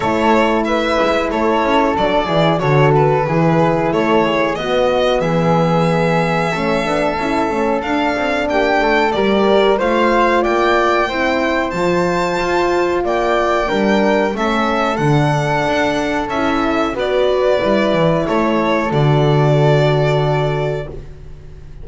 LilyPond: <<
  \new Staff \with { instrumentName = "violin" } { \time 4/4 \tempo 4 = 92 cis''4 e''4 cis''4 d''4 | cis''8 b'4. cis''4 dis''4 | e''1 | f''4 g''4 d''4 f''4 |
g''2 a''2 | g''2 e''4 fis''4~ | fis''4 e''4 d''2 | cis''4 d''2. | }
  \new Staff \with { instrumentName = "flute" } { \time 4/4 a'4 b'4 a'4. gis'8 | a'4 gis'4 a'8 gis'8 fis'4 | gis'2 a'2~ | a'4 g'8 a'8 ais'4 c''4 |
d''4 c''2. | d''4 ais'4 a'2~ | a'2 b'2 | a'1 | }
  \new Staff \with { instrumentName = "horn" } { \time 4/4 e'2. d'8 e'8 | fis'4 e'2 b4~ | b2 cis'8 d'8 e'8 cis'8 | d'2 g'4 f'4~ |
f'4 e'4 f'2~ | f'4 d'4 cis'4 d'4~ | d'4 e'4 fis'4 e'4~ | e'4 fis'2. | }
  \new Staff \with { instrumentName = "double bass" } { \time 4/4 a4. gis8 a8 cis'8 fis8 e8 | d4 e4 a4 b4 | e2 a8 b8 cis'8 a8 | d'8 c'8 ais8 a8 g4 a4 |
ais4 c'4 f4 f'4 | ais4 g4 a4 d4 | d'4 cis'4 b4 g8 e8 | a4 d2. | }
>>